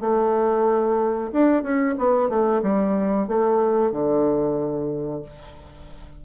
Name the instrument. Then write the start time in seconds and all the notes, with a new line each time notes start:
bassoon
0.00 A3
1.32 D4
1.62 C#4
1.97 B3
2.29 A3
2.62 G3
3.27 A3
3.91 D3